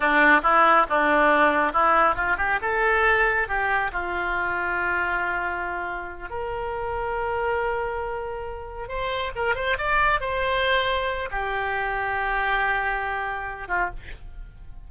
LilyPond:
\new Staff \with { instrumentName = "oboe" } { \time 4/4 \tempo 4 = 138 d'4 e'4 d'2 | e'4 f'8 g'8 a'2 | g'4 f'2.~ | f'2~ f'8 ais'4.~ |
ais'1~ | ais'8 c''4 ais'8 c''8 d''4 c''8~ | c''2 g'2~ | g'2.~ g'8 f'8 | }